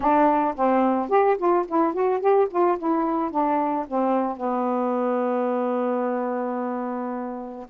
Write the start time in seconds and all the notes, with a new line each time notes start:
0.00 D4
0.55 C4
1.09 G4
1.38 F4
1.68 E4
1.93 F#4
2.20 G4
2.50 F4
2.78 E4
3.31 D4
3.87 C4
4.36 B3